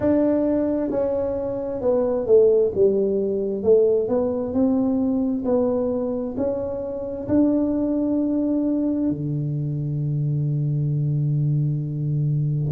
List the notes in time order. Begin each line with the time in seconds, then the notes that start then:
0.00 D4
0.90 C#4
1.81 B3
2.26 A3
2.74 G3
3.63 A3
4.08 B3
4.53 C4
5.44 B3
6.37 C#4
7.28 D4
9.10 D3